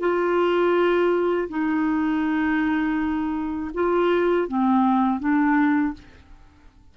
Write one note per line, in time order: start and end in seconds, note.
0.00 1.48 F4
1.48 3.71 D#4
3.74 4.48 F4
4.48 5.20 C4
5.20 5.94 D4